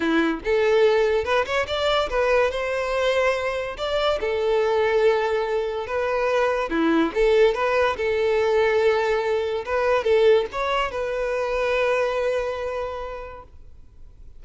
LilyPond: \new Staff \with { instrumentName = "violin" } { \time 4/4 \tempo 4 = 143 e'4 a'2 b'8 cis''8 | d''4 b'4 c''2~ | c''4 d''4 a'2~ | a'2 b'2 |
e'4 a'4 b'4 a'4~ | a'2. b'4 | a'4 cis''4 b'2~ | b'1 | }